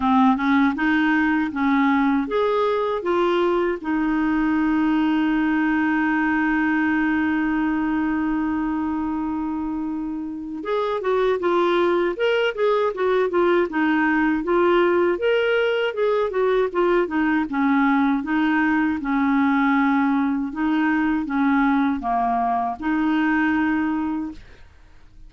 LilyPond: \new Staff \with { instrumentName = "clarinet" } { \time 4/4 \tempo 4 = 79 c'8 cis'8 dis'4 cis'4 gis'4 | f'4 dis'2.~ | dis'1~ | dis'2 gis'8 fis'8 f'4 |
ais'8 gis'8 fis'8 f'8 dis'4 f'4 | ais'4 gis'8 fis'8 f'8 dis'8 cis'4 | dis'4 cis'2 dis'4 | cis'4 ais4 dis'2 | }